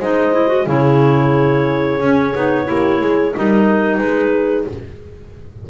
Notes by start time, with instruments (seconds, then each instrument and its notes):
0.00 double bass G#3, clarinet D#4 D#5, horn C5
0.34 clarinet E4
0.48 clarinet F#4
0.66 double bass C#3, clarinet E4 C#5, horn G#4
2.01 double bass C#4, clarinet C#4
2.35 double bass B3, clarinet D#4
2.65 double bass A#3, clarinet E4, horn G4
3.01 double bass G#3, horn G#4
3.34 double bass G3, clarinet D#4 D#5, horn A#4
3.98 double bass G#3, horn G#4, clarinet B4